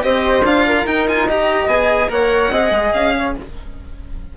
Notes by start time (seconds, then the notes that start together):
0.00 C4 G4 C5 D#5
0.42 D4 F4 F5
0.66 A#4
0.85 D#4 G5
1.07 F4 G#5
1.27 G4 D#5 A#5
1.66 B3 G#4 G#5
2.09 A#3 A#4 C#5 F#5
2.51 C4 G#4 D#5
2.70 G#3
2.92 C#4 F5
3.16 C#5